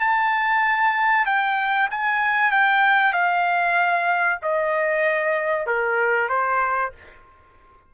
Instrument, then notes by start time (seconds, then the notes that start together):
trumpet
0.00 A5
1.26 G5
1.91 G#5
2.51 G5
3.13 F5
4.42 D#5
5.66 A#4
6.29 C5